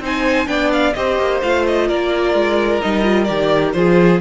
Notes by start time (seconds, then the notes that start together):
0.00 C4 D#4 C5 G#5
0.46 B3 D4 D5 G5
0.73 F5
0.93 C4 G4 C5 D#5
1.19 A#3
1.43 A3 F4 F5
1.66 D#5
1.88 A#3 A#4 D5
2.34 G#3
2.82 G3 D#4 D#5
3.03 F4
3.24 D#3 G4 D5
3.73 F3 F4 G#4 C5